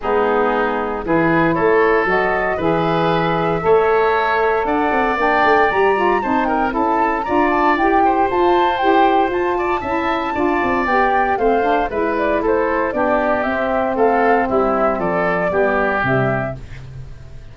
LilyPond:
<<
  \new Staff \with { instrumentName = "flute" } { \time 4/4 \tempo 4 = 116 gis'2 b'4 cis''4 | dis''4 e''2.~ | e''4 fis''4 g''4 ais''4 | a''8 g''8 a''4 ais''8 a''8 g''4 |
a''4 g''4 a''2~ | a''4 g''4 f''4 e''8 d''8 | c''4 d''4 e''4 f''4 | e''4 d''2 e''4 | }
  \new Staff \with { instrumentName = "oboe" } { \time 4/4 dis'2 gis'4 a'4~ | a'4 b'2 cis''4~ | cis''4 d''2. | c''8 ais'8 a'4 d''4. c''8~ |
c''2~ c''8 d''8 e''4 | d''2 c''4 b'4 | a'4 g'2 a'4 | e'4 a'4 g'2 | }
  \new Staff \with { instrumentName = "saxophone" } { \time 4/4 b2 e'2 | fis'4 gis'2 a'4~ | a'2 d'4 g'8 f'8 | dis'4 e'4 f'4 g'4 |
f'4 g'4 f'4 e'4 | f'4 g'4 c'8 d'8 e'4~ | e'4 d'4 c'2~ | c'2 b4 g4 | }
  \new Staff \with { instrumentName = "tuba" } { \time 4/4 gis2 e4 a4 | fis4 e2 a4~ | a4 d'8 c'8 ais8 a8 g4 | c'4 cis'4 d'4 e'4 |
f'4 e'4 f'4 cis'4 | d'8 c'8 b4 a4 gis4 | a4 b4 c'4 a4 | g4 f4 g4 c4 | }
>>